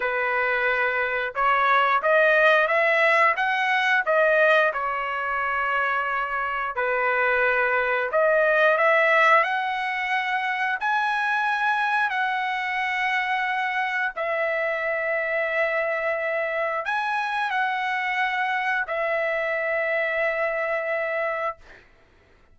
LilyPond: \new Staff \with { instrumentName = "trumpet" } { \time 4/4 \tempo 4 = 89 b'2 cis''4 dis''4 | e''4 fis''4 dis''4 cis''4~ | cis''2 b'2 | dis''4 e''4 fis''2 |
gis''2 fis''2~ | fis''4 e''2.~ | e''4 gis''4 fis''2 | e''1 | }